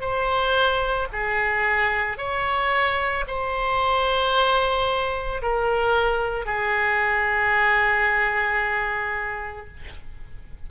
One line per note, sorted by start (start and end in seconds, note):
0.00 1.07 C5
1.12 2.17 G#4
2.17 3.24 C#5
3.27 5.41 C5
5.42 6.45 A#4
6.45 9.67 G#4